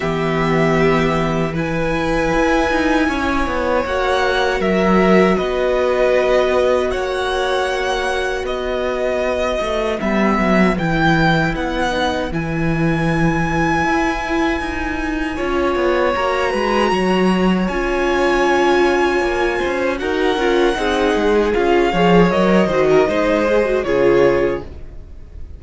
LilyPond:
<<
  \new Staff \with { instrumentName = "violin" } { \time 4/4 \tempo 4 = 78 e''2 gis''2~ | gis''4 fis''4 e''4 dis''4~ | dis''4 fis''2 dis''4~ | dis''4 e''4 g''4 fis''4 |
gis''1~ | gis''4 ais''2 gis''4~ | gis''2 fis''2 | f''4 dis''2 cis''4 | }
  \new Staff \with { instrumentName = "violin" } { \time 4/4 g'2 b'2 | cis''2 ais'4 b'4~ | b'4 cis''2 b'4~ | b'1~ |
b'1 | cis''4. b'8 cis''2~ | cis''4. c''8 ais'4 gis'4~ | gis'8 cis''4 c''16 ais'16 c''4 gis'4 | }
  \new Staff \with { instrumentName = "viola" } { \time 4/4 b2 e'2~ | e'4 fis'2.~ | fis'1~ | fis'4 b4 e'4. dis'8 |
e'1 | f'4 fis'2 f'4~ | f'2 fis'8 f'8 dis'4 | f'8 gis'8 ais'8 fis'8 dis'8 gis'16 fis'16 f'4 | }
  \new Staff \with { instrumentName = "cello" } { \time 4/4 e2. e'8 dis'8 | cis'8 b8 ais4 fis4 b4~ | b4 ais2 b4~ | b8 a8 g8 fis8 e4 b4 |
e2 e'4 dis'4 | cis'8 b8 ais8 gis8 fis4 cis'4~ | cis'4 ais8 cis'8 dis'8 cis'8 c'8 gis8 | cis'8 f8 fis8 dis8 gis4 cis4 | }
>>